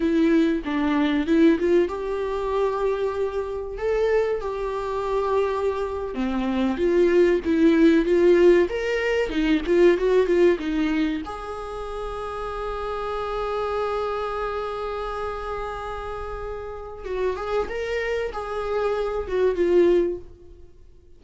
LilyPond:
\new Staff \with { instrumentName = "viola" } { \time 4/4 \tempo 4 = 95 e'4 d'4 e'8 f'8 g'4~ | g'2 a'4 g'4~ | g'4.~ g'16 c'4 f'4 e'16~ | e'8. f'4 ais'4 dis'8 f'8 fis'16~ |
fis'16 f'8 dis'4 gis'2~ gis'16~ | gis'1~ | gis'2. fis'8 gis'8 | ais'4 gis'4. fis'8 f'4 | }